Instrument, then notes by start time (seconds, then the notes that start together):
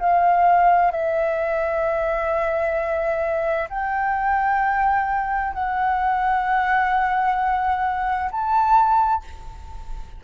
flute
0.00 F5
0.92 E5
3.70 G5
5.54 F#5
8.32 A5